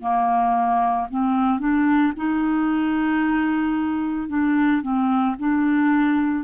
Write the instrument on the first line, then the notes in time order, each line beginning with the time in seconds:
clarinet
0.00 A#3
1.11 C4
1.59 D4
2.16 D#4
4.29 D4
4.82 C4
5.39 D4